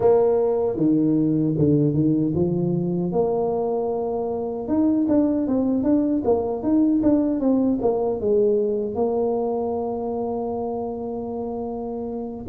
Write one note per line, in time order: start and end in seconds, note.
0.00 0.76 A#3
0.76 1.54 D#3
1.58 1.94 D3
1.94 2.33 D#3
2.34 3.12 F3
3.12 4.68 A#3
4.68 5.06 D#4
5.08 5.47 D4
5.47 5.83 C4
5.83 6.22 D4
6.24 6.62 A#3
6.62 7.01 D#4
7.02 7.40 D4
7.40 7.79 C4
7.81 8.20 A#3
8.20 8.94 G#3
8.94 12.45 A#3